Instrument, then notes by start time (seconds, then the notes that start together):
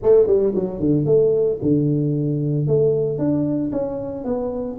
tuba
0.02 A3
0.27 G3
0.55 F#3
0.79 D3
1.05 A3
1.61 D3
2.67 A3
3.18 D4
3.72 C#4
4.24 B3